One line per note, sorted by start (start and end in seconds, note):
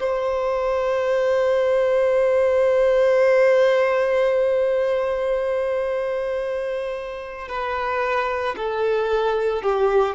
0.00 7.49 C5
7.49 8.56 B4
8.57 9.63 A4
9.63 10.15 G4